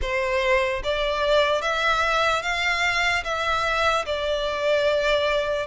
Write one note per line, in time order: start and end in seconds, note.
0.01 0.82 C5
0.83 1.61 D5
1.61 2.42 E5
2.42 3.23 F5
3.24 4.05 E5
4.05 5.66 D5